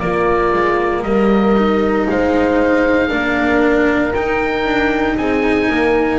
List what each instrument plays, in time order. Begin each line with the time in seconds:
0.00 double bass A#3, cello A#3, horn F4, oboe D5
0.53 double bass G#3
1.03 double bass G3, horn A#4, oboe D#5
1.58 cello D#4
2.10 double bass G#3, horn C5, oboe F5
3.09 double bass A#3, cello D4, horn A#4
4.14 double bass D#4, cello D#4, oboe G5
4.65 double bass D4
5.17 double bass C4, horn G#4, oboe G#5
5.69 double bass A#3, horn A#4